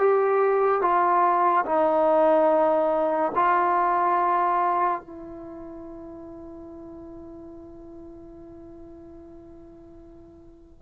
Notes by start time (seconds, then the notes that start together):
0.00 G4
0.82 F4
1.66 D#4
3.36 F4
5.01 E4